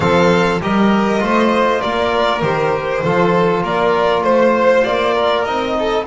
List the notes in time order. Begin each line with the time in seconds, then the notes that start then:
0.00 F3 C4 A4 F5
0.60 G3 G4 A#4 D#5
1.19 A3 F4 C5
1.81 A#3 A#4 D5
2.41 D#3 G4 C5
3.03 F3 F4 A4
3.63 A#3 A#4 D5
4.22 A3 C5
4.84 A#3 D5
5.14 A#4
5.44 C4 D#4 D#5
5.79 A4